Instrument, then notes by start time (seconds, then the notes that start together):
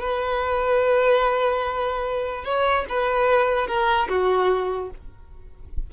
violin
0.00 B4
2.44 C#5
2.89 B4
3.67 A#4
4.08 F#4